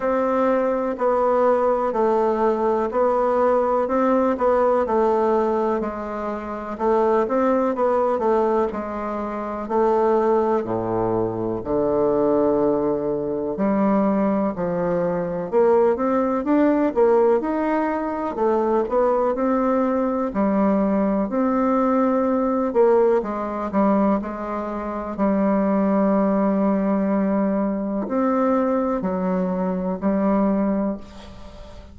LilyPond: \new Staff \with { instrumentName = "bassoon" } { \time 4/4 \tempo 4 = 62 c'4 b4 a4 b4 | c'8 b8 a4 gis4 a8 c'8 | b8 a8 gis4 a4 a,4 | d2 g4 f4 |
ais8 c'8 d'8 ais8 dis'4 a8 b8 | c'4 g4 c'4. ais8 | gis8 g8 gis4 g2~ | g4 c'4 fis4 g4 | }